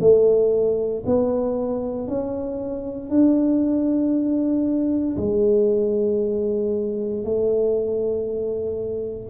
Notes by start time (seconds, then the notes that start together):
0.00 A3
1.06 B3
2.08 C#4
3.10 D4
5.17 G#3
7.24 A3